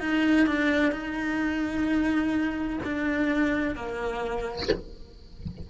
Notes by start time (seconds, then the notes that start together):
0.00 D#4
0.47 D4
0.92 D#4
2.84 D4
3.75 A#3